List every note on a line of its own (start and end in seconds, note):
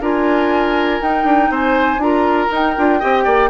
0.00 1.00 D4
0.00 1.01 F4
0.00 1.51 A#4
0.00 1.02 G#5
1.01 1.24 D#4
1.01 2.01 D#4
1.01 1.52 G5
1.24 1.49 D4
1.50 1.97 C4
1.50 2.01 C5
1.50 2.02 G#5
1.97 2.47 D4
1.97 2.48 F4
1.97 2.52 A#5
2.03 2.99 A#4
2.48 2.73 D#4
2.48 2.76 D#4
2.55 3.50 G5
2.77 3.02 D4
2.77 3.00 F4
2.99 3.26 C4
2.99 3.50 G4
2.99 3.24 D#5
3.24 3.50 A#3
3.24 3.49 D5